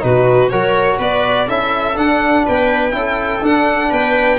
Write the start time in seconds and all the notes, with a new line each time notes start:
0.00 B2 D#4 F#4 B4
0.49 F#3 F#4 A#4 C#5
0.98 B3 B4 D5
1.47 C#4 E4 A4 E5
1.95 D4 F#5
2.46 B3 B4 G5
2.91 C#4 E4 A4
3.42 D4 F#5
3.90 B3 B4 G5